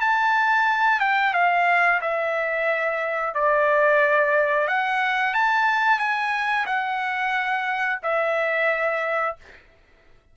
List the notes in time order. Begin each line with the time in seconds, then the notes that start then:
0.00 A5
1.00 G5
1.33 F5
2.01 E5
3.34 D5
4.67 F#5
5.33 A5
5.98 G#5
6.65 F#5
8.02 E5